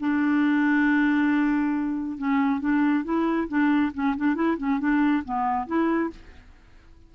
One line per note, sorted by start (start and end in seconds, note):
0.00 2.18 D4
2.18 2.60 C#4
2.60 3.04 D4
3.04 3.48 E4
3.48 3.92 D4
3.94 4.16 C#4
4.16 4.35 D4
4.35 4.57 E4
4.57 4.79 C#4
4.80 5.23 D4
5.25 5.67 B3
5.67 6.10 E4